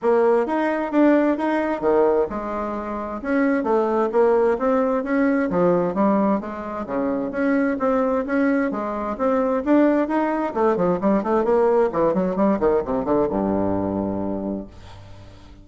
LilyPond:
\new Staff \with { instrumentName = "bassoon" } { \time 4/4 \tempo 4 = 131 ais4 dis'4 d'4 dis'4 | dis4 gis2 cis'4 | a4 ais4 c'4 cis'4 | f4 g4 gis4 cis4 |
cis'4 c'4 cis'4 gis4 | c'4 d'4 dis'4 a8 f8 | g8 a8 ais4 e8 fis8 g8 dis8 | c8 d8 g,2. | }